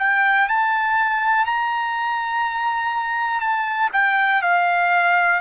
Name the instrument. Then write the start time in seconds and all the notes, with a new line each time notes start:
trumpet
0.00 G5
0.49 A5
1.46 A#5
3.41 A5
3.93 G5
4.43 F5